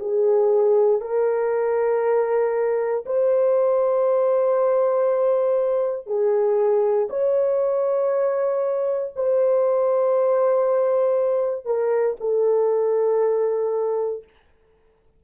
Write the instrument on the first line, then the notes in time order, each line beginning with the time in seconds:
horn
0.00 G#4
1.01 A#4
3.06 C5
6.07 G#4
7.10 C#5
9.16 C5
11.65 A#4
12.21 A4